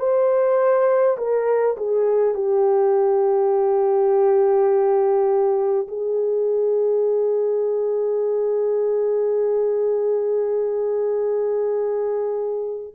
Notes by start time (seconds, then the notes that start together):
0.00 C5
1.18 A#4
1.78 G#4
2.35 G4
5.88 G#4